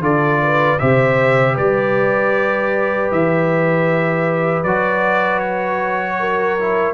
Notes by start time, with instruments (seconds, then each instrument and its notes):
0.00 tuba D3, trombone F4, horn A4, trumpet D5
0.42 horn B4
0.79 tuba C3, trombone G4, horn C5, trumpet E5
1.54 tuba G3, horn B4, trumpet D5
3.11 tuba E3, trumpet E5
4.63 tuba F#3, trombone F#4, trumpet D5
5.39 trumpet C#5
6.19 horn A#4
6.59 trombone E4